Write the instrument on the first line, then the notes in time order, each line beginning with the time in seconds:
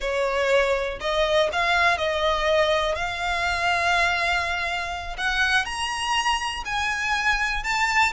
violin
0.00 C#5
1.00 D#5
1.52 F5
1.97 D#5
2.95 F5
5.17 F#5
5.65 A#5
6.65 G#5
7.63 A5